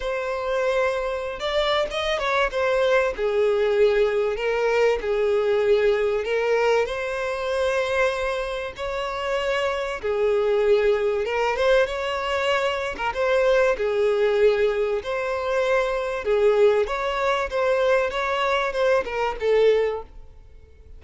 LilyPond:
\new Staff \with { instrumentName = "violin" } { \time 4/4 \tempo 4 = 96 c''2~ c''16 d''8. dis''8 cis''8 | c''4 gis'2 ais'4 | gis'2 ais'4 c''4~ | c''2 cis''2 |
gis'2 ais'8 c''8 cis''4~ | cis''8. ais'16 c''4 gis'2 | c''2 gis'4 cis''4 | c''4 cis''4 c''8 ais'8 a'4 | }